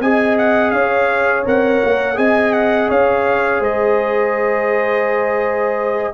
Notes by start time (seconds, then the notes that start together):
0.00 C4 G#4 D#5 G#5
0.38 F#5
0.71 C#4 C#5 F5
1.45 C4 A#4 F#5
1.84 A#3
2.15 C4 G#4 D#5 G#5
2.53 F#5
2.89 C#4 C#5 F5
3.60 G#3 C5 D#5